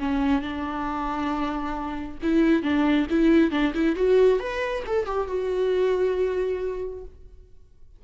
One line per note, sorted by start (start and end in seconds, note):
0.00 0.43 C#4
0.43 2.19 D4
2.23 2.63 E4
2.63 3.07 D4
3.10 3.52 E4
3.52 3.74 D4
3.75 3.96 E4
3.96 4.40 F#4
4.40 4.84 B4
4.87 5.06 A4
5.06 5.28 G4
5.28 7.04 F#4